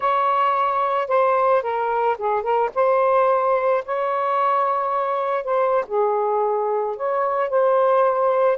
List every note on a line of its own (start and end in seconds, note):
0.00 1.08 C#5
1.08 1.62 C5
1.62 2.17 A#4
2.17 2.42 G#4
2.42 2.70 A#4
2.74 3.84 C5
3.85 5.43 C#5
5.43 5.84 C5
5.87 6.96 G#4
6.96 7.49 C#5
7.49 8.57 C5